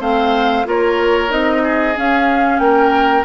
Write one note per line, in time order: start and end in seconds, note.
0.00 0.65 A3
0.00 0.65 C4
0.00 0.66 C5
0.00 0.67 F5
0.65 1.31 A#3
0.65 1.29 F4
0.65 1.63 A#4
0.65 1.32 C#5
1.29 1.96 C4
1.29 1.94 D#4
1.29 1.97 D#5
1.63 2.61 G#4
1.96 3.25 C#4
1.96 2.59 C#4
1.96 2.59 F5
2.59 3.24 A#3
2.59 3.25 A#4
2.59 3.24 G5